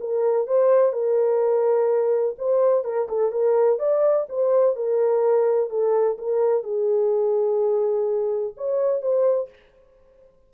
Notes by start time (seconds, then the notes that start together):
0.00 A#4
0.47 C5
0.93 A#4
2.38 C5
2.84 A#4
3.08 A4
3.32 A#4
3.79 D5
4.29 C5
4.76 A#4
5.70 A4
6.18 A#4
6.63 G#4
8.57 C#5
9.02 C5